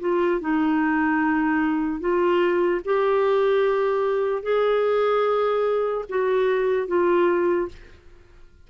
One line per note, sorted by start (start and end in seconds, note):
0.00 0.41 F4
0.41 2.00 D#4
2.00 2.82 F4
2.85 4.43 G4
4.43 6.05 G#4
6.09 6.87 F#4
6.87 7.68 F4